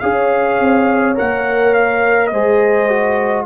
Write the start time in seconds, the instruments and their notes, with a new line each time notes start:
0.00 tuba C#4, trombone G#4, horn C#5, trumpet F5
0.60 tuba C4
1.15 tuba A#3, trombone A#4, trumpet F#5
1.74 trumpet F5
2.27 tuba G#3, horn C5, trumpet D#5
2.33 trombone G#4
2.89 trombone F#4